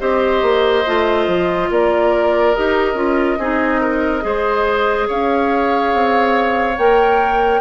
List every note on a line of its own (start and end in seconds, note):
0.00 0.42 C4
0.00 0.85 G4
0.00 1.70 C5
0.00 1.70 D#5
0.42 0.84 A#3
0.87 1.28 A3
0.87 2.56 F4
1.28 1.70 F3
1.70 2.55 A#3
1.70 3.39 A#4
1.70 2.55 D5
2.55 2.94 D#4
2.55 2.96 G4
2.55 5.09 D#5
2.94 3.37 C#4
2.94 3.38 F4
3.39 4.23 C4
3.39 4.21 D#4
3.39 3.81 G#4
3.81 4.23 A#4
4.21 5.09 G#3
4.21 6.75 G#4
4.21 5.08 C5
5.08 5.94 C#4
5.08 7.61 C#5
5.08 6.78 F5
5.94 6.78 C4
6.78 7.61 A#3
6.78 7.61 A#4
6.78 7.61 G5